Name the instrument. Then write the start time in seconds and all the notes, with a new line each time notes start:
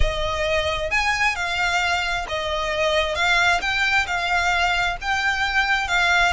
violin
0.00 D#5
0.90 G#5
1.35 F5
2.28 D#5
3.15 F5
3.61 G5
4.06 F5
5.01 G5
5.87 F5